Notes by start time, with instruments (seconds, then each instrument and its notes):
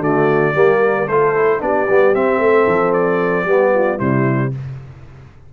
0.00 tuba D3, trombone A3, horn F#4, trumpet D5
0.54 tuba G3, trombone A#3, horn G4
0.80 horn A#4
1.06 tuba A3, trombone F4, horn A4, trumpet C5
1.35 trombone E4
1.60 tuba B3, trombone D4, horn G4, trumpet D5
1.89 tuba G3, trombone B3
2.14 tuba C4, trombone C4, trumpet E5
2.38 tuba A3, horn A4
2.67 tuba F3
2.93 trumpet D5
3.45 tuba G3, trombone B3, horn G4
3.74 horn F4
3.97 tuba C3, trombone G3, horn E4, trumpet C5